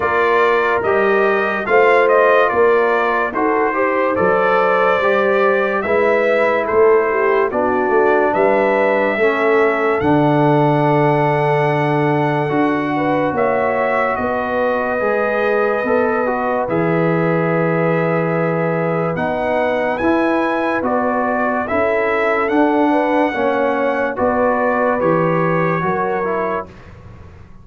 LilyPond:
<<
  \new Staff \with { instrumentName = "trumpet" } { \time 4/4 \tempo 4 = 72 d''4 dis''4 f''8 dis''8 d''4 | c''4 d''2 e''4 | c''4 d''4 e''2 | fis''1 |
e''4 dis''2. | e''2. fis''4 | gis''4 d''4 e''4 fis''4~ | fis''4 d''4 cis''2 | }
  \new Staff \with { instrumentName = "horn" } { \time 4/4 ais'2 c''4 ais'4 | a'8 c''2~ c''8 b'4 | a'8 g'8 fis'4 b'4 a'4~ | a'2.~ a'8 b'8 |
cis''4 b'2.~ | b'1~ | b'2 a'4. b'8 | cis''4 b'2 ais'4 | }
  \new Staff \with { instrumentName = "trombone" } { \time 4/4 f'4 g'4 f'2 | fis'8 g'8 a'4 g'4 e'4~ | e'4 d'2 cis'4 | d'2. fis'4~ |
fis'2 gis'4 a'8 fis'8 | gis'2. dis'4 | e'4 fis'4 e'4 d'4 | cis'4 fis'4 g'4 fis'8 e'8 | }
  \new Staff \with { instrumentName = "tuba" } { \time 4/4 ais4 g4 a4 ais4 | dis'4 fis4 g4 gis4 | a4 b8 a8 g4 a4 | d2. d'4 |
ais4 b4 gis4 b4 | e2. b4 | e'4 b4 cis'4 d'4 | ais4 b4 e4 fis4 | }
>>